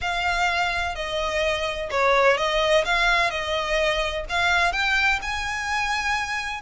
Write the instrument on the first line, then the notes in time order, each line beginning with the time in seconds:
violin
0.01 F5
0.95 D#5
1.90 C#5
2.37 D#5
2.84 F5
3.30 D#5
4.29 F5
4.72 G5
5.21 G#5